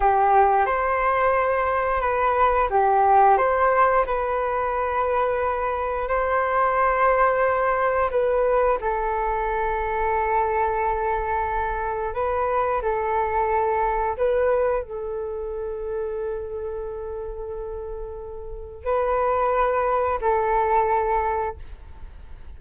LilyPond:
\new Staff \with { instrumentName = "flute" } { \time 4/4 \tempo 4 = 89 g'4 c''2 b'4 | g'4 c''4 b'2~ | b'4 c''2. | b'4 a'2.~ |
a'2 b'4 a'4~ | a'4 b'4 a'2~ | a'1 | b'2 a'2 | }